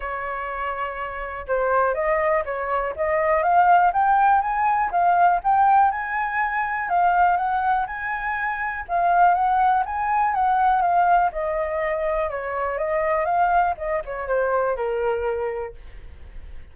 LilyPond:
\new Staff \with { instrumentName = "flute" } { \time 4/4 \tempo 4 = 122 cis''2. c''4 | dis''4 cis''4 dis''4 f''4 | g''4 gis''4 f''4 g''4 | gis''2 f''4 fis''4 |
gis''2 f''4 fis''4 | gis''4 fis''4 f''4 dis''4~ | dis''4 cis''4 dis''4 f''4 | dis''8 cis''8 c''4 ais'2 | }